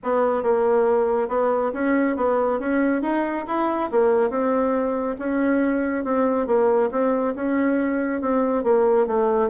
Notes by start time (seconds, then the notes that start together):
0.03 B3
0.42 A#3
1.28 B3
1.73 C#4
2.16 B3
2.59 C#4
3.02 D#4
3.47 E4
3.91 A#3
4.29 C4
5.18 C#4
6.04 C4
6.46 A#3
6.91 C4
7.35 C#4
8.21 C4
8.63 A#3
9.06 A3